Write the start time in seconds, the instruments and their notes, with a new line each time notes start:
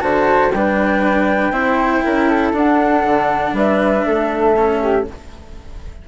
0.00 bassoon D3, cello F#4, flute C5 A5
0.52 bassoon G3, cello D4, flute B4 G5
1.50 bassoon C4, cello E4, flute C5
2.05 bassoon C#4, flute A#4
2.29 flute A4
2.52 bassoon D4, cello D4, flute F#5
3.04 bassoon D3
3.53 bassoon G3, flute B4 E5
4.06 bassoon A3, flute A4
4.56 cello C#4
4.82 flute G4